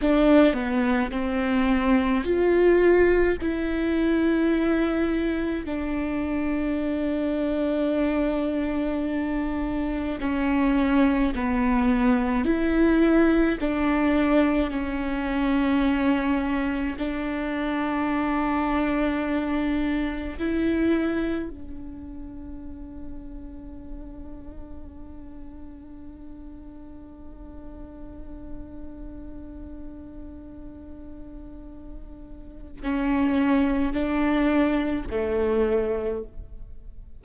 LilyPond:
\new Staff \with { instrumentName = "viola" } { \time 4/4 \tempo 4 = 53 d'8 b8 c'4 f'4 e'4~ | e'4 d'2.~ | d'4 cis'4 b4 e'4 | d'4 cis'2 d'4~ |
d'2 e'4 d'4~ | d'1~ | d'1~ | d'4 cis'4 d'4 a4 | }